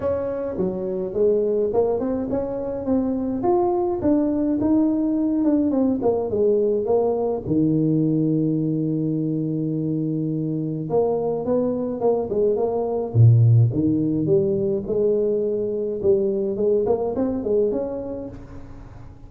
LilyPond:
\new Staff \with { instrumentName = "tuba" } { \time 4/4 \tempo 4 = 105 cis'4 fis4 gis4 ais8 c'8 | cis'4 c'4 f'4 d'4 | dis'4. d'8 c'8 ais8 gis4 | ais4 dis2.~ |
dis2. ais4 | b4 ais8 gis8 ais4 ais,4 | dis4 g4 gis2 | g4 gis8 ais8 c'8 gis8 cis'4 | }